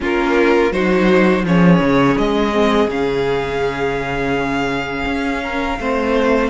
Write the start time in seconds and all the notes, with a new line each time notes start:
0.00 A#3 C#4 F4 A#4
0.71 F#3 D#4 F#4 C5
1.44 F3 C#4 G#4 C#5
1.79 C#3
2.17 G#3 D#5
2.52 C4
2.87 C#3 C#4 F5
5.05 C#4
5.42 A#4
5.78 A3 C4 C5